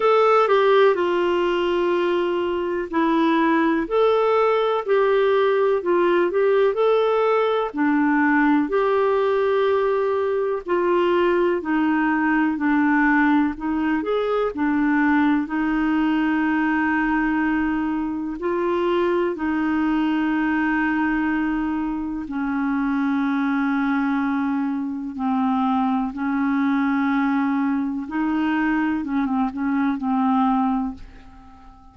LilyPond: \new Staff \with { instrumentName = "clarinet" } { \time 4/4 \tempo 4 = 62 a'8 g'8 f'2 e'4 | a'4 g'4 f'8 g'8 a'4 | d'4 g'2 f'4 | dis'4 d'4 dis'8 gis'8 d'4 |
dis'2. f'4 | dis'2. cis'4~ | cis'2 c'4 cis'4~ | cis'4 dis'4 cis'16 c'16 cis'8 c'4 | }